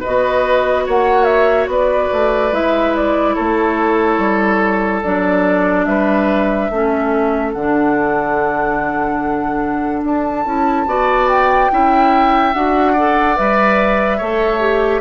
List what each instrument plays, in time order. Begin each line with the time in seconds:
0.00 clarinet F#4, oboe B4, flute D#5
0.07 bassoon B3
0.86 bassoon A#3, oboe C#5, flute F#5
1.24 flute E5
1.67 bassoon B3, oboe B4, flute D5
2.12 bassoon A3
2.52 bassoon G#3, clarinet E4, flute E5
2.96 flute D5
3.34 bassoon A3, oboe A4, flute C#5
4.18 bassoon G3
5.02 bassoon F#3, clarinet D4, flute D5
5.85 bassoon G3, oboe B4, flute E5
6.71 bassoon A3, clarinet C#4, oboe A4
7.53 bassoon D3, clarinet D4, flute F#5
10.04 bassoon D4, flute A5
10.45 bassoon C#4, clarinet E4
10.86 bassoon B3, clarinet F#4, oboe D5
11.28 flute G5
11.70 bassoon C#4, clarinet E4, oboe E5
12.53 bassoon D4, clarinet F#4, flute F#5
12.92 clarinet A4, oboe D5
13.36 bassoon G3, clarinet B4, flute E5
14.17 bassoon A3, clarinet A4, oboe C#5
14.60 clarinet G4